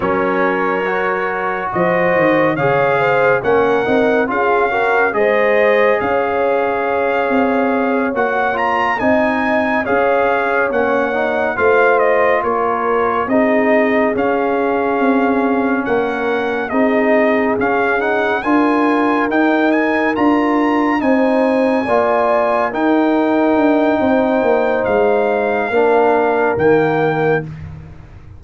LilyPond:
<<
  \new Staff \with { instrumentName = "trumpet" } { \time 4/4 \tempo 4 = 70 cis''2 dis''4 f''4 | fis''4 f''4 dis''4 f''4~ | f''4. fis''8 ais''8 gis''4 f''8~ | f''8 fis''4 f''8 dis''8 cis''4 dis''8~ |
dis''8 f''2 fis''4 dis''8~ | dis''8 f''8 fis''8 gis''4 g''8 gis''8 ais''8~ | ais''8 gis''2 g''4.~ | g''4 f''2 g''4 | }
  \new Staff \with { instrumentName = "horn" } { \time 4/4 ais'2 c''4 cis''8 c''8 | ais'4 gis'8 ais'8 c''4 cis''4~ | cis''2~ cis''8 dis''4 cis''8~ | cis''4. c''4 ais'4 gis'8~ |
gis'2~ gis'8 ais'4 gis'8~ | gis'4. ais'2~ ais'8~ | ais'8 c''4 d''4 ais'4. | c''2 ais'2 | }
  \new Staff \with { instrumentName = "trombone" } { \time 4/4 cis'4 fis'2 gis'4 | cis'8 dis'8 f'8 fis'8 gis'2~ | gis'4. fis'8 f'8 dis'4 gis'8~ | gis'8 cis'8 dis'8 f'2 dis'8~ |
dis'8 cis'2. dis'8~ | dis'8 cis'8 dis'8 f'4 dis'4 f'8~ | f'8 dis'4 f'4 dis'4.~ | dis'2 d'4 ais4 | }
  \new Staff \with { instrumentName = "tuba" } { \time 4/4 fis2 f8 dis8 cis4 | ais8 c'8 cis'4 gis4 cis'4~ | cis'8 c'4 ais4 c'4 cis'8~ | cis'8 ais4 a4 ais4 c'8~ |
c'8 cis'4 c'4 ais4 c'8~ | c'8 cis'4 d'4 dis'4 d'8~ | d'8 c'4 ais4 dis'4 d'8 | c'8 ais8 gis4 ais4 dis4 | }
>>